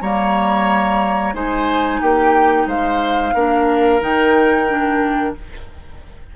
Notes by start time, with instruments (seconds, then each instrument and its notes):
0.00 bassoon G3, clarinet A#3, oboe C#5, flute A#5
1.33 bassoon G#3, clarinet D#4, oboe C5, flute G#5
2.01 bassoon A#3, oboe G4, flute G5
2.66 bassoon G#3, oboe C5, flute F5
3.34 bassoon A#3, clarinet D4, oboe A#4
4.00 bassoon D#3, clarinet D#4, flute G5
4.68 clarinet D4